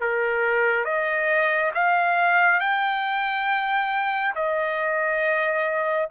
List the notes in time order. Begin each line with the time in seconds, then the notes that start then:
0.00 A#4
0.84 D#5
1.74 F5
2.60 G5
4.35 D#5